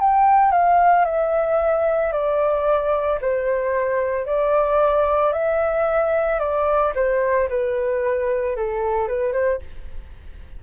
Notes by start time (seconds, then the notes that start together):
0.00 G5
0.52 F5
1.05 E5
2.12 D5
3.21 C5
4.26 D5
5.33 E5
6.40 D5
6.95 C5
7.50 B4
8.57 A4
9.08 B4
9.33 C5